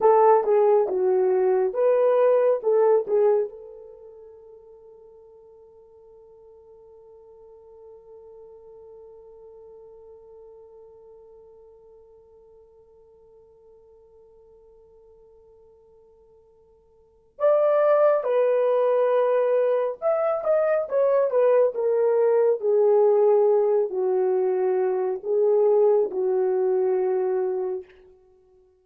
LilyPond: \new Staff \with { instrumentName = "horn" } { \time 4/4 \tempo 4 = 69 a'8 gis'8 fis'4 b'4 a'8 gis'8 | a'1~ | a'1~ | a'1~ |
a'1 | d''4 b'2 e''8 dis''8 | cis''8 b'8 ais'4 gis'4. fis'8~ | fis'4 gis'4 fis'2 | }